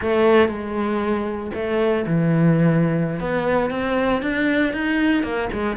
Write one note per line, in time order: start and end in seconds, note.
0.01 0.48 A3
0.48 1.51 G#3
1.54 2.05 A3
2.06 3.20 E3
3.20 3.70 B3
3.70 4.21 C4
4.22 4.73 D4
4.73 5.23 D#4
5.23 5.48 A#3
5.52 5.76 G#3